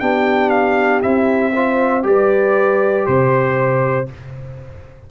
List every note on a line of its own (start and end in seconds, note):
0.00 1.03 B3
0.00 1.02 D4
0.00 1.53 G4
0.00 0.50 G5
0.50 1.01 F5
1.02 2.04 C4
1.02 1.53 E4
1.02 2.04 E5
1.54 2.03 F4
1.54 2.05 C5
2.03 3.06 G3
2.03 4.06 G4
2.03 3.09 B4
2.03 3.06 D5
3.06 4.10 C3
3.06 4.08 C5
3.06 4.11 C5